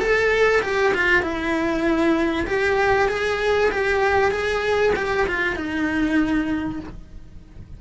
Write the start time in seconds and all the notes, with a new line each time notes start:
0.00 A4
0.62 G4
0.94 F4
1.23 E4
2.47 G4
3.09 G#4
3.71 G4
4.32 G#4
4.96 G4
5.28 F4
5.56 D#4